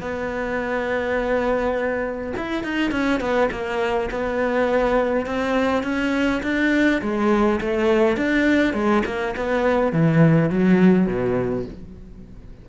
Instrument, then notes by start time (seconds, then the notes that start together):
cello
0.00 B3
2.36 E4
2.63 D#4
2.91 C#4
3.20 B3
3.51 A#3
4.10 B3
5.26 C4
5.83 C#4
6.42 D4
7.01 G#3
7.60 A3
8.17 D4
8.73 G#3
9.05 A#3
9.36 B3
9.92 E3
10.50 F#3
11.07 B2